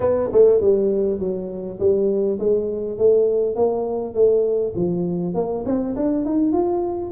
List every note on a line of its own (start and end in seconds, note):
0.00 0.29 B3
0.32 0.60 A3
0.60 1.19 G3
1.19 1.78 F#3
1.79 2.38 G3
2.39 2.98 G#3
2.98 3.55 A3
3.55 4.14 A#3
4.14 4.73 A3
4.75 5.34 F3
5.34 5.64 A#3
5.65 5.95 C4
5.96 6.25 D4
6.25 6.52 D#4
6.52 7.11 F4